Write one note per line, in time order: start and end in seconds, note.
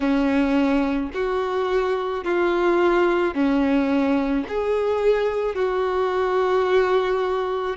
0.00 1.11 C#4
1.13 2.24 F#4
2.24 3.34 F4
3.34 4.45 C#4
4.48 5.55 G#4
5.55 7.76 F#4